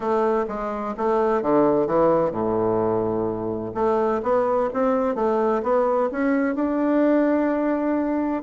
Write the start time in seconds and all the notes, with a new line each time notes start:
0.00 A3
0.48 G#3
0.97 A3
1.41 D3
1.86 E3
2.31 A2
3.74 A3
4.22 B3
4.73 C4
5.15 A3
5.62 B3
6.11 C#4
6.55 D4